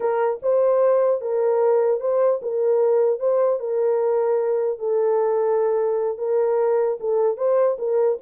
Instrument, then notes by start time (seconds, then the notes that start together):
horn
0.00 A#4
0.42 C5
1.21 A#4
2.00 C5
2.41 A#4
3.19 C5
3.59 A#4
4.78 A4
6.17 A#4
7.00 A4
7.37 C5
7.78 A#4